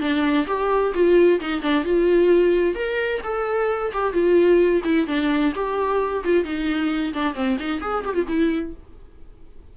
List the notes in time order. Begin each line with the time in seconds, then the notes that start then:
0.00 D4
0.47 G4
0.94 F4
1.40 D#4
1.61 D4
1.84 F4
2.75 A#4
3.23 A4
3.92 G4
4.13 F4
4.84 E4
5.07 D4
5.55 G4
6.24 F4
6.44 D#4
7.13 D4
7.34 C4
7.59 D#4
7.81 G#4
8.05 G4
8.14 F4
8.28 E4